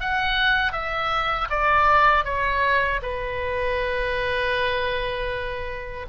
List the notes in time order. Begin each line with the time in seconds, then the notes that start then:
0.00 F#5
0.72 E5
1.49 D5
2.24 C#5
3.02 B4